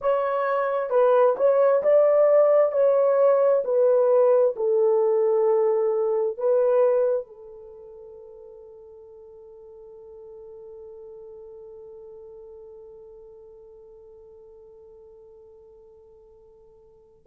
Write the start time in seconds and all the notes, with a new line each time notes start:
0.01 C#5
0.90 B4
1.36 C#5
1.83 D5
2.71 C#5
3.64 B4
4.55 A4
6.37 B4
7.26 A4